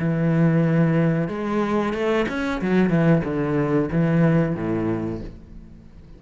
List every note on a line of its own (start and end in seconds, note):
0.00 1.29 E3
1.29 1.94 G#3
1.94 2.26 A3
2.29 2.62 C#4
2.62 2.90 F#3
2.90 3.23 E3
3.25 3.90 D3
3.92 4.56 E3
4.56 5.21 A2